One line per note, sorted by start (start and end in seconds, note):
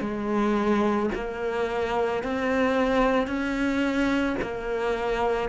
0.00 1.09 G#3
1.15 2.23 A#3
2.23 3.27 C4
3.27 4.36 C#4
4.41 5.49 A#3